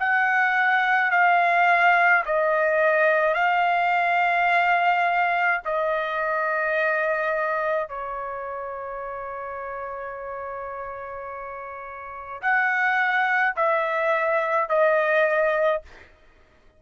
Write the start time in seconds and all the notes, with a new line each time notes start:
0.00 F#5
1.11 F5
2.26 D#5
3.34 F5
5.65 D#5
7.89 C#5
12.42 F#5
13.56 E5
14.69 D#5